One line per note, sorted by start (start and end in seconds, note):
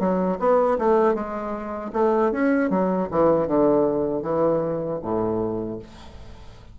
0.00 0.38 F#3
0.40 0.78 B3
0.79 1.15 A3
1.15 1.92 G#3
1.93 2.32 A3
2.32 2.70 C#4
2.71 3.09 F#3
3.11 3.48 E3
3.48 4.23 D3
4.23 5.00 E3
5.02 5.79 A2